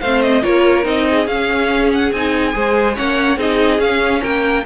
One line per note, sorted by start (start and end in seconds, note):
0.00 0.44 A3
0.00 0.43 C4
0.00 0.42 C5
0.00 0.22 F5
0.22 0.43 D#5
0.43 0.85 A#3
0.43 0.83 F4
0.43 1.06 A#4
0.43 0.85 C#5
0.83 1.27 C4
0.83 1.25 D#4
0.83 1.27 D#5
1.10 2.54 G#4
1.27 2.11 C#4
1.27 2.13 C#4
1.27 1.90 F5
1.93 2.12 F#5
2.12 2.54 C4
2.12 2.52 D#4
2.12 2.97 G#5
2.52 2.98 G#3
2.52 2.95 G#4
2.52 2.95 C5
2.95 3.37 A#3
2.95 3.37 C#4
2.95 3.37 C#5
2.95 3.39 F#5
3.37 3.79 C4
3.37 3.78 D#4
3.37 4.22 G#4
3.37 3.80 D#5
3.78 4.63 C#4
3.78 4.21 C#4
3.78 4.22 F5
4.22 4.65 A#3
4.22 4.64 A#4
4.22 4.65 G5